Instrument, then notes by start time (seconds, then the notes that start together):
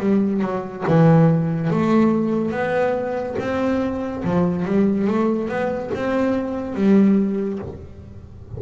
double bass
0.00 G3
0.42 F#3
0.88 E3
1.71 A3
2.52 B3
3.40 C4
4.24 F3
4.66 G3
5.08 A3
5.49 B3
5.95 C4
6.75 G3